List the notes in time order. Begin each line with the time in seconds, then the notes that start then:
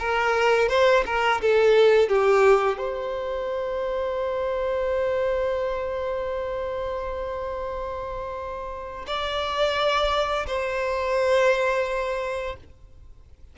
0.00 A#4
0.69 C5
1.07 A#4
1.42 A4
2.09 G4
2.78 C5
9.07 D5
10.47 C5